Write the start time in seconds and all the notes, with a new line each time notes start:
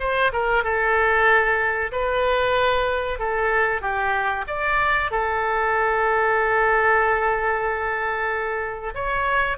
0.00 C5
0.33 A#4
0.64 A4
1.92 B4
3.19 A4
3.82 G4
4.48 D5
5.11 A4
8.95 C#5